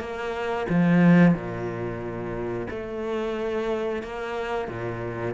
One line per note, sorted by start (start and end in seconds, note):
0.00 0.67 A#3
0.69 1.35 F3
1.35 2.68 A#2
2.70 4.03 A3
4.03 4.68 A#3
4.68 5.34 A#2